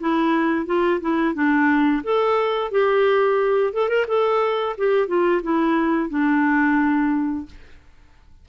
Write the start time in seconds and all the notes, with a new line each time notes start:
0.00 E4
0.66 F4
1.01 E4
1.35 D4
2.03 A4
2.71 G4
3.73 A4
3.89 A#4
4.08 A4
4.78 G4
5.08 F4
5.43 E4
6.10 D4